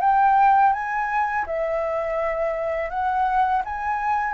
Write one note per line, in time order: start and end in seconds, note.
0.00 0.72 G5
0.72 1.45 G#5
1.46 2.89 E5
2.89 3.62 F#5
3.64 4.33 G#5